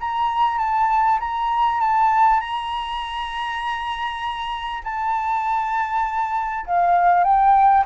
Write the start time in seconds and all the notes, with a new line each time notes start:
0.00 A#5
0.58 A5
1.20 A#5
1.80 A5
2.40 A#5
4.84 A5
6.66 F5
7.24 G5